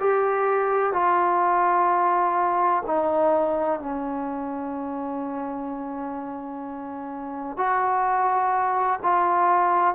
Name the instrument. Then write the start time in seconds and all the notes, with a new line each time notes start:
trombone
0.00 G4
0.93 F4
2.87 D#4
3.80 C#4
7.57 F#4
9.03 F4